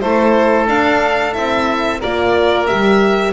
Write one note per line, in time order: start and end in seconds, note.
0.00 0.69 A3
0.00 0.67 E4
0.00 2.00 A4
0.00 0.67 C5
0.67 1.33 D4
0.67 1.36 D4
0.67 1.33 F5
1.33 2.02 C4
1.33 1.99 E4
1.33 2.00 E5
2.00 2.71 A#3
2.00 2.67 F4
2.00 3.32 A#4
2.00 2.66 D5
2.66 3.32 G3
2.66 3.32 G4
2.66 3.32 E5